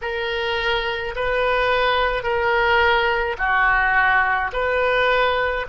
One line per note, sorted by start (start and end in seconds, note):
0.01 1.14 A#4
1.15 2.23 B4
2.23 3.36 A#4
3.38 4.51 F#4
4.53 5.66 B4